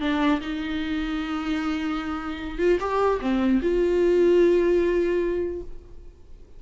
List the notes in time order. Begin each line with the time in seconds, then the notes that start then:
0.00 D4
0.40 D#4
2.58 F4
2.80 G4
3.20 C4
3.62 F4